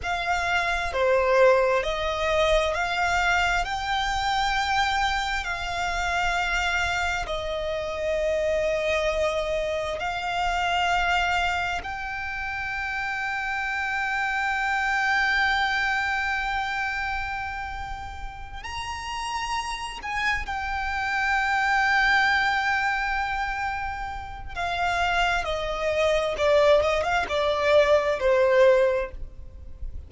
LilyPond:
\new Staff \with { instrumentName = "violin" } { \time 4/4 \tempo 4 = 66 f''4 c''4 dis''4 f''4 | g''2 f''2 | dis''2. f''4~ | f''4 g''2.~ |
g''1~ | g''8 ais''4. gis''8 g''4.~ | g''2. f''4 | dis''4 d''8 dis''16 f''16 d''4 c''4 | }